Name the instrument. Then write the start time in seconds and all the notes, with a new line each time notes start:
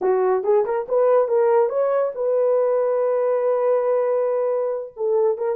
horn
0.01 F#4
0.43 G#4
0.65 A#4
0.88 B4
1.27 A#4
1.69 C#5
2.14 B4
4.96 A4
5.37 A#4